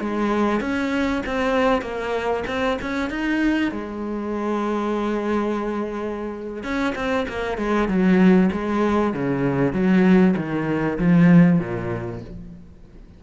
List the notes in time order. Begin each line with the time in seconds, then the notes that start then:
0.00 G#3
0.60 C#4
1.26 C4
1.81 A#3
2.47 C4
2.81 C#4
3.10 D#4
3.72 G#3
6.63 C#4
6.95 C4
7.28 A#3
7.58 G#3
7.88 F#3
8.52 G#3
9.13 C#3
9.73 F#3
10.36 D#3
10.98 F3
11.59 A#2